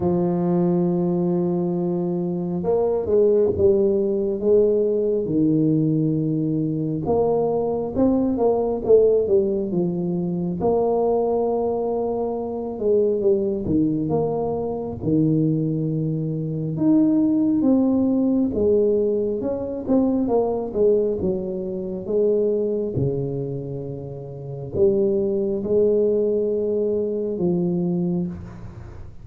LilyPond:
\new Staff \with { instrumentName = "tuba" } { \time 4/4 \tempo 4 = 68 f2. ais8 gis8 | g4 gis4 dis2 | ais4 c'8 ais8 a8 g8 f4 | ais2~ ais8 gis8 g8 dis8 |
ais4 dis2 dis'4 | c'4 gis4 cis'8 c'8 ais8 gis8 | fis4 gis4 cis2 | g4 gis2 f4 | }